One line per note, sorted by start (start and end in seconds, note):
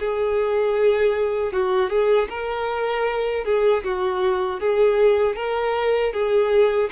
0.00 1.53 G#4
1.53 1.90 F#4
1.90 2.28 G#4
2.30 3.45 A#4
3.45 3.84 G#4
3.84 4.60 F#4
4.60 5.36 G#4
5.36 6.13 A#4
6.13 6.90 G#4